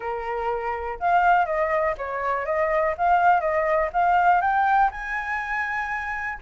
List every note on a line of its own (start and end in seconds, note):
0.00 0.98 A#4
0.99 1.45 F5
1.45 1.94 D#5
1.97 2.45 C#5
2.45 2.94 D#5
2.97 3.40 F5
3.40 3.89 D#5
3.92 4.41 F5
4.41 4.90 G5
4.91 6.38 G#5